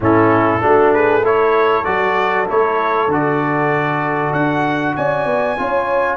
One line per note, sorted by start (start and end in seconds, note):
0.00 0.61 A2
0.00 0.60 C#4
0.00 0.63 E4
0.00 0.93 A4
0.60 1.85 A3
0.60 1.22 D4
0.60 0.94 F#4
0.93 1.24 G#4
0.93 1.24 B4
1.24 1.84 E4
1.24 4.95 A4
1.24 1.84 C#5
1.84 2.49 F#3
1.84 2.46 F#4
1.84 2.46 D5
2.47 3.07 A3
2.47 3.08 E4
2.47 3.11 C#5
3.07 4.31 D3
3.07 5.57 F#4
3.07 4.33 D5
4.32 4.94 D4
4.32 4.95 F#5
4.96 5.25 C#4
4.96 5.59 D5
4.96 6.16 G#5
5.25 5.56 B3
5.57 6.16 C#4
5.57 6.16 F4
5.57 6.16 C#5